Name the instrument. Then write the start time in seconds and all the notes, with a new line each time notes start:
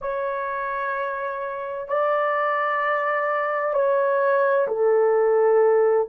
horn
0.01 C#5
1.87 D5
3.73 C#5
4.67 A4